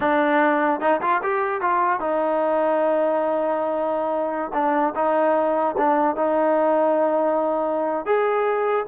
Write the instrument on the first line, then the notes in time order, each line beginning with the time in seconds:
trombone
0.00 D4
0.80 D#4
1.01 F4
1.23 G4
1.61 F4
1.99 D#4
4.53 D4
4.95 D#4
5.77 D4
6.16 D#4
8.05 G#4